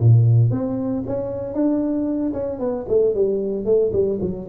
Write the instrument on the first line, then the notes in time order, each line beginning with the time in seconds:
tuba
0.00 A#2
0.51 C4
1.07 C#4
1.54 D4
2.34 C#4
2.60 B3
2.89 A3
3.15 G3
3.66 A3
3.93 G3
4.22 F#3